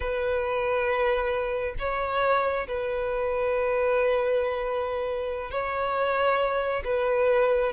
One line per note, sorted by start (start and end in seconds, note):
0.00 1.74 B4
1.78 2.67 C#5
2.67 5.50 B4
5.50 6.83 C#5
6.84 7.72 B4